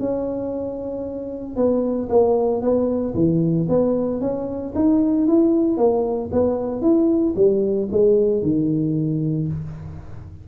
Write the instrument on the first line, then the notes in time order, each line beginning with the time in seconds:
tuba
0.00 C#4
1.56 B3
2.10 A#3
2.62 B3
3.15 E3
3.69 B3
4.21 C#4
4.76 D#4
5.28 E4
5.78 A#3
6.33 B3
6.82 E4
7.37 G3
7.92 G#3
8.43 D#3